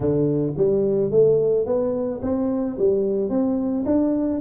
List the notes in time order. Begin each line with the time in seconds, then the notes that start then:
0.00 D3
0.57 G3
1.11 A3
1.65 B3
2.22 C4
2.78 G3
3.29 C4
3.85 D4